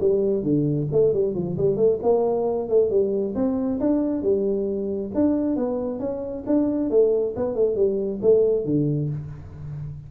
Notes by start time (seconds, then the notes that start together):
0.00 G3
0.43 D3
0.92 A3
1.13 G3
1.35 F3
1.57 G3
1.77 A3
2.02 A#3
2.69 A3
2.90 G3
3.35 C4
3.80 D4
4.22 G3
5.14 D4
5.56 B3
5.99 C#4
6.46 D4
6.90 A3
7.36 B3
7.55 A3
7.76 G3
8.22 A3
8.65 D3